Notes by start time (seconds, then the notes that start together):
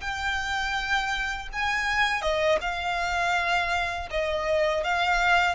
0.00 G5
1.52 G#5
2.21 D#5
2.60 F5
4.10 D#5
4.84 F5